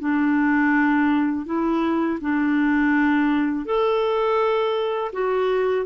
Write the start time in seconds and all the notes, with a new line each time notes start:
0.00 D4
1.46 E4
2.21 D4
3.65 A4
5.13 F#4